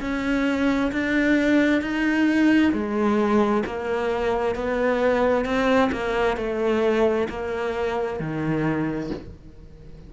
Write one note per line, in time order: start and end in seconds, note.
0.00 0.91 C#4
0.91 1.81 D4
1.81 2.72 D#4
2.72 3.63 G#3
3.66 4.55 A#3
4.55 5.45 B3
5.45 5.90 C4
5.91 6.36 A#3
6.36 7.27 A3
7.29 8.19 A#3
8.19 9.10 D#3